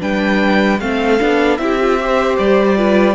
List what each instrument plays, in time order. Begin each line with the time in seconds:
0.00 cello G3, viola D4, violin B4 G5
0.80 cello A3, viola C4, violin A4 F5
1.19 cello B3, viola D4
1.57 cello C4, viola E4, violin G4 E5
1.81 viola F4
2.00 viola G4, violin C5
2.38 cello G3, violin D5
2.77 viola F4, violin B4